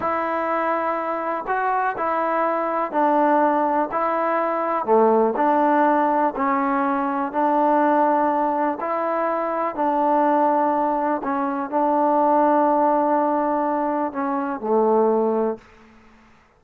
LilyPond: \new Staff \with { instrumentName = "trombone" } { \time 4/4 \tempo 4 = 123 e'2. fis'4 | e'2 d'2 | e'2 a4 d'4~ | d'4 cis'2 d'4~ |
d'2 e'2 | d'2. cis'4 | d'1~ | d'4 cis'4 a2 | }